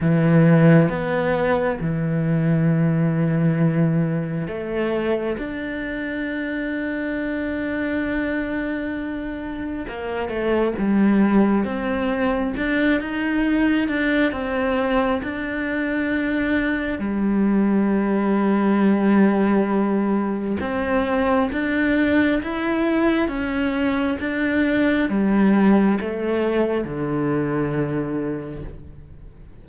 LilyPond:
\new Staff \with { instrumentName = "cello" } { \time 4/4 \tempo 4 = 67 e4 b4 e2~ | e4 a4 d'2~ | d'2. ais8 a8 | g4 c'4 d'8 dis'4 d'8 |
c'4 d'2 g4~ | g2. c'4 | d'4 e'4 cis'4 d'4 | g4 a4 d2 | }